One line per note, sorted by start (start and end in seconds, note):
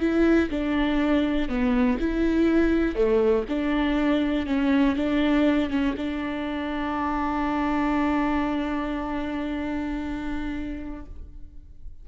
0.00 0.50 E4
0.50 1.49 D4
1.49 1.98 B3
2.00 2.95 E4
2.95 3.45 A3
3.49 4.47 D4
4.47 4.96 C#4
4.96 5.70 D4
5.70 5.95 C#4
5.97 11.06 D4